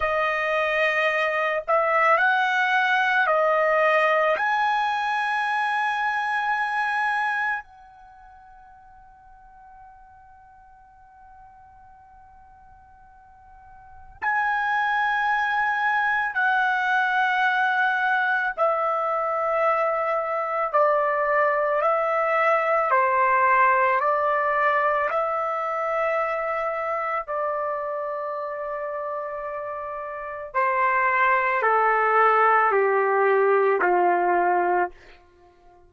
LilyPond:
\new Staff \with { instrumentName = "trumpet" } { \time 4/4 \tempo 4 = 55 dis''4. e''8 fis''4 dis''4 | gis''2. fis''4~ | fis''1~ | fis''4 gis''2 fis''4~ |
fis''4 e''2 d''4 | e''4 c''4 d''4 e''4~ | e''4 d''2. | c''4 a'4 g'4 f'4 | }